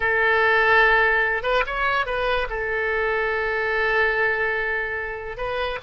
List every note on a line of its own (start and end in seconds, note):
0.00 1.42 A4
1.42 1.63 B4
1.66 2.06 C#5
2.06 2.47 B4
2.49 5.37 A4
5.37 5.78 B4